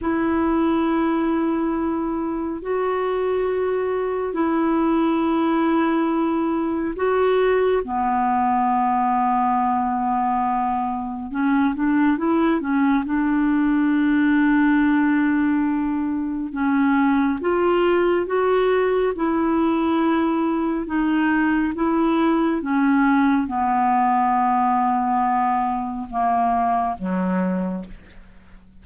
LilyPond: \new Staff \with { instrumentName = "clarinet" } { \time 4/4 \tempo 4 = 69 e'2. fis'4~ | fis'4 e'2. | fis'4 b2.~ | b4 cis'8 d'8 e'8 cis'8 d'4~ |
d'2. cis'4 | f'4 fis'4 e'2 | dis'4 e'4 cis'4 b4~ | b2 ais4 fis4 | }